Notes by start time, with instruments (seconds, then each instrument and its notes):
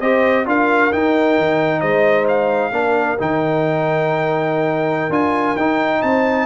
0.00 tuba C4, trombone G4, horn C5, trumpet D#5
0.45 tuba D4, trombone F4, horn A#4, trumpet F5
0.91 trombone D#4, tuba D#4, trumpet G5
1.37 tuba D#3
1.80 tuba G#3, horn C5, trumpet D#5
2.28 trumpet F5
2.71 tuba A#3, trombone D4, horn A#4
3.19 tuba D#3, trombone D#4, trumpet G5
5.09 tuba D4, trombone F4, trumpet G#5
5.56 tuba D#4, trombone D#4, trumpet G5
6.00 tuba C4, horn C5, trumpet A5